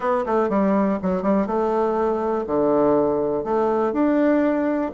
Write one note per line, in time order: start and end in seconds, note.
0.00 0.25 B3
0.26 0.49 A3
0.49 0.98 G3
1.02 1.22 F#3
1.22 1.46 G3
1.46 2.45 A3
2.46 3.44 D3
3.44 3.92 A3
3.92 4.90 D4